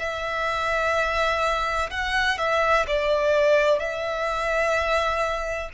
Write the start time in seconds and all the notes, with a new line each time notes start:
0.00 E5
1.91 F#5
2.39 E5
2.88 D5
3.80 E5